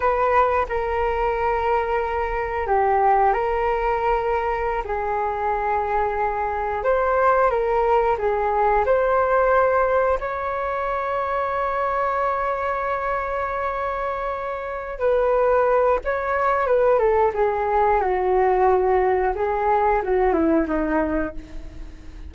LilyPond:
\new Staff \with { instrumentName = "flute" } { \time 4/4 \tempo 4 = 90 b'4 ais'2. | g'4 ais'2~ ais'16 gis'8.~ | gis'2~ gis'16 c''4 ais'8.~ | ais'16 gis'4 c''2 cis''8.~ |
cis''1~ | cis''2~ cis''8 b'4. | cis''4 b'8 a'8 gis'4 fis'4~ | fis'4 gis'4 fis'8 e'8 dis'4 | }